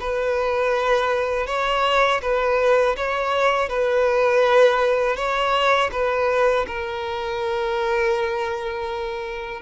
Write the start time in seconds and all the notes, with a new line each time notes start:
0.00 B4
1.46 C#5
2.22 B4
2.96 C#5
3.69 B4
5.16 C#5
5.92 B4
6.67 A#4